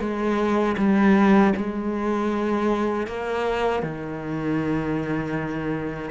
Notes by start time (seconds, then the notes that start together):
0.00 G#3
0.77 G3
1.57 G#3
3.07 A#3
3.83 D#3